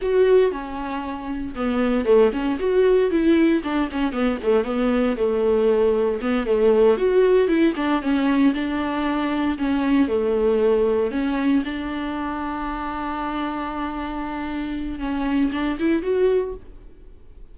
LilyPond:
\new Staff \with { instrumentName = "viola" } { \time 4/4 \tempo 4 = 116 fis'4 cis'2 b4 | a8 cis'8 fis'4 e'4 d'8 cis'8 | b8 a8 b4 a2 | b8 a4 fis'4 e'8 d'8 cis'8~ |
cis'8 d'2 cis'4 a8~ | a4. cis'4 d'4.~ | d'1~ | d'4 cis'4 d'8 e'8 fis'4 | }